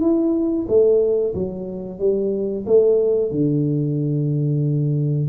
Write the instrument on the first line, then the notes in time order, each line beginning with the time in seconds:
tuba
0.00 E4
0.68 A3
1.34 F#3
1.99 G3
2.66 A3
3.31 D3